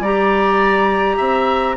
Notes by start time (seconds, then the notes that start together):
0.00 G3 G4 D5 A#5
1.17 C4 E5